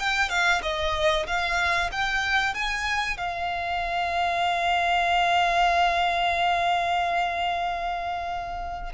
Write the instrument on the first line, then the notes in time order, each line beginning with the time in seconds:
violin
0.00 G5
0.30 F5
0.63 D#5
1.27 F5
1.92 G5
2.55 G#5
3.18 F5